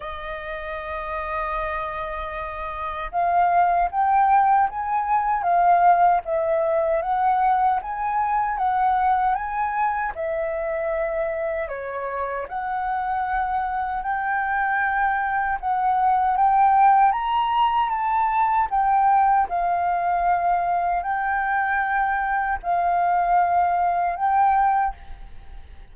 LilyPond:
\new Staff \with { instrumentName = "flute" } { \time 4/4 \tempo 4 = 77 dis''1 | f''4 g''4 gis''4 f''4 | e''4 fis''4 gis''4 fis''4 | gis''4 e''2 cis''4 |
fis''2 g''2 | fis''4 g''4 ais''4 a''4 | g''4 f''2 g''4~ | g''4 f''2 g''4 | }